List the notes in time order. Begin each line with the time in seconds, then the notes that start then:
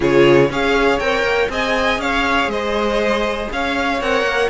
0.00 C#3 F4 G#4 C#5
0.49 C#4 G#4 C#5 F5
0.99 C4 A#4 G5
1.23 A#3
1.49 C4 G#4 D#5 G#5
1.98 C#4 C#5 F5
2.47 G#3 C5 D#5
3.52 C#4 C#5 F5
4.01 C4 A#4 F#5
4.22 A#3